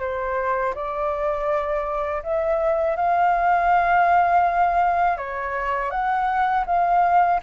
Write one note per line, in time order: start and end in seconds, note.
0.00 0.74 C5
0.75 2.23 D5
2.23 2.97 E5
2.97 5.18 F5
5.18 5.91 C#5
5.91 6.65 F#5
6.67 7.41 F5